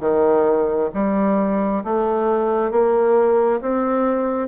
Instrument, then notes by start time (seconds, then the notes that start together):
bassoon
0.00 D#3
0.94 G3
1.84 A3
2.71 A#3
3.61 C4